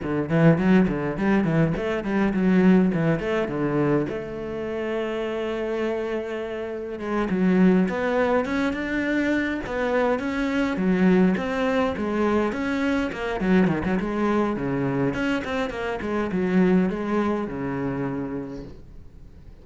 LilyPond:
\new Staff \with { instrumentName = "cello" } { \time 4/4 \tempo 4 = 103 d8 e8 fis8 d8 g8 e8 a8 g8 | fis4 e8 a8 d4 a4~ | a1 | gis8 fis4 b4 cis'8 d'4~ |
d'8 b4 cis'4 fis4 c'8~ | c'8 gis4 cis'4 ais8 fis8 dis16 fis16 | gis4 cis4 cis'8 c'8 ais8 gis8 | fis4 gis4 cis2 | }